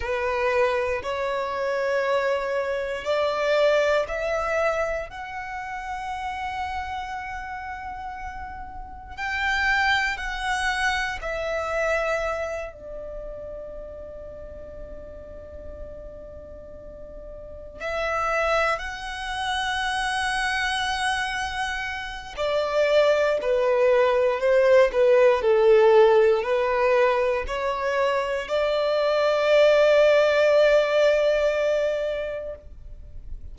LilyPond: \new Staff \with { instrumentName = "violin" } { \time 4/4 \tempo 4 = 59 b'4 cis''2 d''4 | e''4 fis''2.~ | fis''4 g''4 fis''4 e''4~ | e''8 d''2.~ d''8~ |
d''4. e''4 fis''4.~ | fis''2 d''4 b'4 | c''8 b'8 a'4 b'4 cis''4 | d''1 | }